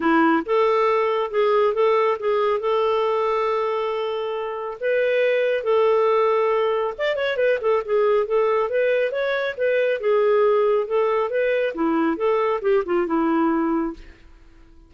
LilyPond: \new Staff \with { instrumentName = "clarinet" } { \time 4/4 \tempo 4 = 138 e'4 a'2 gis'4 | a'4 gis'4 a'2~ | a'2. b'4~ | b'4 a'2. |
d''8 cis''8 b'8 a'8 gis'4 a'4 | b'4 cis''4 b'4 gis'4~ | gis'4 a'4 b'4 e'4 | a'4 g'8 f'8 e'2 | }